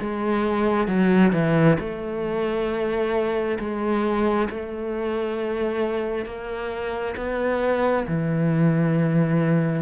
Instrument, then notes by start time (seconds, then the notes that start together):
cello
0.00 G#3
0.87 F#3
1.32 E3
1.79 A3
3.59 G#3
4.50 A3
6.25 A#3
7.16 B3
8.08 E3